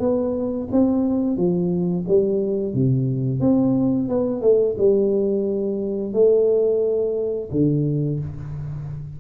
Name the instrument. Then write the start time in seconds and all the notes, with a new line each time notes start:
tuba
0.00 B3
0.72 C4
1.37 F3
2.08 G3
2.74 C3
3.41 C4
4.09 B3
4.41 A3
4.78 G3
6.13 A3
7.52 D3